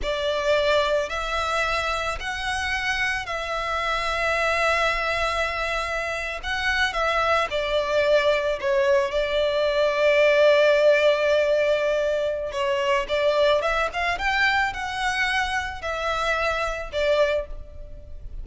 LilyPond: \new Staff \with { instrumentName = "violin" } { \time 4/4 \tempo 4 = 110 d''2 e''2 | fis''2 e''2~ | e''2.~ e''8. fis''16~ | fis''8. e''4 d''2 cis''16~ |
cis''8. d''2.~ d''16~ | d''2. cis''4 | d''4 e''8 f''8 g''4 fis''4~ | fis''4 e''2 d''4 | }